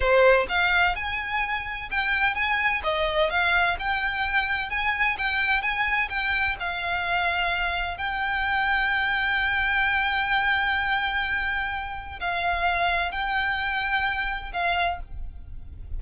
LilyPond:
\new Staff \with { instrumentName = "violin" } { \time 4/4 \tempo 4 = 128 c''4 f''4 gis''2 | g''4 gis''4 dis''4 f''4 | g''2 gis''4 g''4 | gis''4 g''4 f''2~ |
f''4 g''2.~ | g''1~ | g''2 f''2 | g''2. f''4 | }